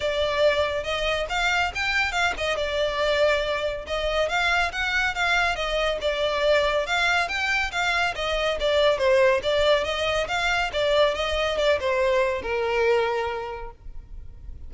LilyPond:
\new Staff \with { instrumentName = "violin" } { \time 4/4 \tempo 4 = 140 d''2 dis''4 f''4 | g''4 f''8 dis''8 d''2~ | d''4 dis''4 f''4 fis''4 | f''4 dis''4 d''2 |
f''4 g''4 f''4 dis''4 | d''4 c''4 d''4 dis''4 | f''4 d''4 dis''4 d''8 c''8~ | c''4 ais'2. | }